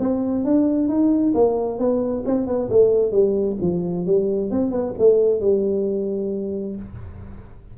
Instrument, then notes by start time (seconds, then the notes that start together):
tuba
0.00 C4
0.44 D4
0.89 D#4
1.34 A#3
1.79 B3
2.26 C4
2.47 B3
2.70 A3
3.12 G3
3.62 F3
4.06 G3
4.51 C4
4.71 B3
4.98 A3
5.41 G3